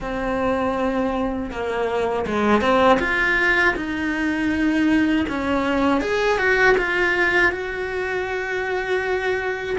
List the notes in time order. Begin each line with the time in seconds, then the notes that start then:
0.00 C4
1.51 A#3
2.26 G#3
2.61 C4
2.99 F4
3.76 D#4
5.29 C#4
6.01 G#4
6.38 F#4
6.77 F4
7.51 F#4